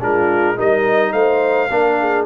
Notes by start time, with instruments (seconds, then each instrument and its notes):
0.00 tuba G#3, trombone D4, horn F4, trumpet A#4
0.55 tuba G3, trombone D#4, horn A#4, trumpet D#5
1.12 tuba A3, horn C5, trumpet F5
1.69 tuba A#3, trombone D4, horn A#4
2.00 horn G#4